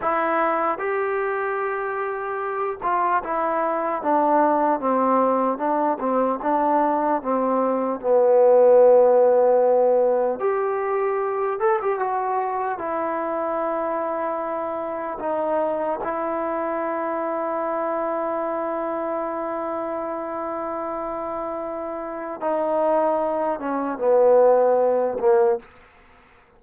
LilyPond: \new Staff \with { instrumentName = "trombone" } { \time 4/4 \tempo 4 = 75 e'4 g'2~ g'8 f'8 | e'4 d'4 c'4 d'8 c'8 | d'4 c'4 b2~ | b4 g'4. a'16 g'16 fis'4 |
e'2. dis'4 | e'1~ | e'1 | dis'4. cis'8 b4. ais8 | }